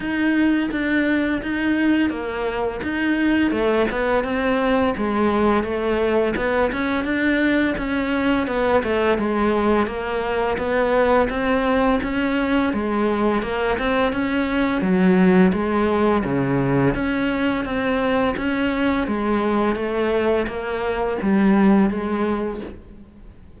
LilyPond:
\new Staff \with { instrumentName = "cello" } { \time 4/4 \tempo 4 = 85 dis'4 d'4 dis'4 ais4 | dis'4 a8 b8 c'4 gis4 | a4 b8 cis'8 d'4 cis'4 | b8 a8 gis4 ais4 b4 |
c'4 cis'4 gis4 ais8 c'8 | cis'4 fis4 gis4 cis4 | cis'4 c'4 cis'4 gis4 | a4 ais4 g4 gis4 | }